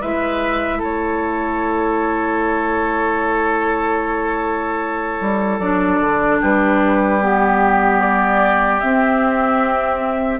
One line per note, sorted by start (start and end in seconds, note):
0.00 0.81 G#3
0.00 5.60 E4
0.00 0.78 B4
0.00 0.81 E5
0.78 5.20 A3
0.78 6.38 A4
0.78 5.59 C#5
5.20 5.59 G3
5.59 5.99 F#3
5.59 7.21 D4
5.59 6.39 D5
6.00 6.40 D3
6.41 8.82 G3
6.41 10.40 G4
6.41 7.23 B4
7.21 8.81 B3
7.21 8.00 G4
8.00 8.80 D5
8.80 10.40 C4
8.80 10.40 E5